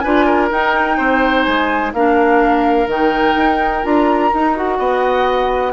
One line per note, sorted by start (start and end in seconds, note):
0.00 0.51 D4
0.00 0.51 F4
0.00 0.25 B4
0.00 0.48 G#5
0.25 0.97 A#4
0.51 0.99 D#4
0.51 1.94 D#4
0.51 1.43 G5
0.97 1.46 C4
0.97 1.92 C5
1.43 1.93 G#3
1.43 1.91 G#5
1.93 2.87 A#3
1.93 2.88 D4
1.93 4.78 A#4
1.93 2.89 F5
2.87 3.34 D#3
2.87 3.82 D#4
2.87 3.85 G5
3.36 3.83 D#4
3.82 4.32 D4
3.82 4.30 F4
3.82 4.56 A#5
4.33 4.79 D#4
4.33 4.55 D#4
4.55 5.73 F#4
4.55 5.73 F#5
4.78 5.73 B3
4.78 5.73 D#5